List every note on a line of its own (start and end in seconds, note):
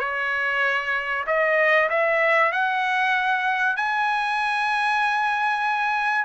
0.00 1.25 C#5
1.27 1.89 D#5
1.90 2.52 E5
2.52 3.77 F#5
3.77 6.25 G#5